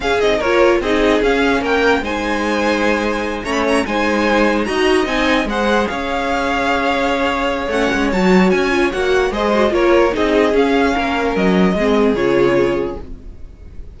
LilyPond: <<
  \new Staff \with { instrumentName = "violin" } { \time 4/4 \tempo 4 = 148 f''8 dis''8 cis''4 dis''4 f''4 | g''4 gis''2.~ | gis''8 ais''16 b''16 ais''8 gis''2 ais''8~ | ais''8 gis''4 fis''4 f''4.~ |
f''2. fis''4 | a''4 gis''4 fis''4 dis''4 | cis''4 dis''4 f''2 | dis''2 cis''2 | }
  \new Staff \with { instrumentName = "violin" } { \time 4/4 gis'4 ais'4 gis'2 | ais'4 c''2.~ | c''8 cis''4 c''2 dis''8~ | dis''4. c''4 cis''4.~ |
cis''1~ | cis''2. c''4 | ais'4 gis'2 ais'4~ | ais'4 gis'2. | }
  \new Staff \with { instrumentName = "viola" } { \time 4/4 cis'8 dis'8 f'4 dis'4 cis'4~ | cis'4 dis'2.~ | dis'8 cis'4 dis'2 fis'8~ | fis'8 dis'4 gis'2~ gis'8~ |
gis'2. cis'4 | fis'4. f'8 fis'4 gis'8 fis'8 | f'4 dis'4 cis'2~ | cis'4 c'4 f'2 | }
  \new Staff \with { instrumentName = "cello" } { \time 4/4 cis'8 c'8 ais4 c'4 cis'4 | ais4 gis2.~ | gis8 a4 gis2 dis'8~ | dis'8 c'4 gis4 cis'4.~ |
cis'2. a8 gis8 | fis4 cis'4 ais4 gis4 | ais4 c'4 cis'4 ais4 | fis4 gis4 cis2 | }
>>